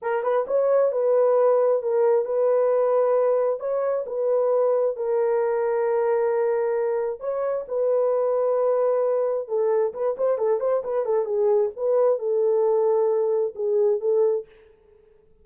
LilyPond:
\new Staff \with { instrumentName = "horn" } { \time 4/4 \tempo 4 = 133 ais'8 b'8 cis''4 b'2 | ais'4 b'2. | cis''4 b'2 ais'4~ | ais'1 |
cis''4 b'2.~ | b'4 a'4 b'8 c''8 a'8 c''8 | b'8 a'8 gis'4 b'4 a'4~ | a'2 gis'4 a'4 | }